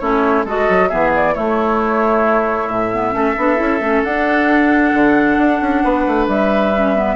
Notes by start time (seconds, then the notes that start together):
0.00 A3 C#4 E4 C#5
0.45 G#3 F#4 A4 D#5
0.69 F#3
0.89 E3 B3 G#4 E5
1.16 D5
1.34 A3 E4 C#5
2.68 A2 E5
2.93 B3
3.12 A3 C#4 A4
3.38 B3 D4
3.57 C#4 E4
3.81 A3 C#4
4.04 D4 F#5
4.94 D3
5.38 D4
5.61 C#4
5.84 B3 B4
6.07 A3
6.28 G3 E5
6.75 C#4
6.96 B3